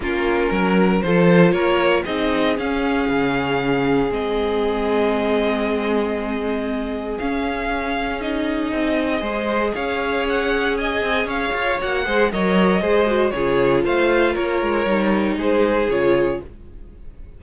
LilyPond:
<<
  \new Staff \with { instrumentName = "violin" } { \time 4/4 \tempo 4 = 117 ais'2 c''4 cis''4 | dis''4 f''2. | dis''1~ | dis''2 f''2 |
dis''2. f''4 | fis''4 gis''4 f''4 fis''4 | dis''2 cis''4 f''4 | cis''2 c''4 cis''4 | }
  \new Staff \with { instrumentName = "violin" } { \time 4/4 f'4 ais'4 a'4 ais'4 | gis'1~ | gis'1~ | gis'1~ |
gis'2 c''4 cis''4~ | cis''4 dis''4 cis''4. c''8 | cis''4 c''4 gis'4 c''4 | ais'2 gis'2 | }
  \new Staff \with { instrumentName = "viola" } { \time 4/4 cis'2 f'2 | dis'4 cis'2. | c'1~ | c'2 cis'2 |
dis'2 gis'2~ | gis'2. fis'8 gis'8 | ais'4 gis'8 fis'8 f'2~ | f'4 dis'2 f'4 | }
  \new Staff \with { instrumentName = "cello" } { \time 4/4 ais4 fis4 f4 ais4 | c'4 cis'4 cis2 | gis1~ | gis2 cis'2~ |
cis'4 c'4 gis4 cis'4~ | cis'4. c'8 cis'8 f'8 ais8 gis8 | fis4 gis4 cis4 a4 | ais8 gis8 g4 gis4 cis4 | }
>>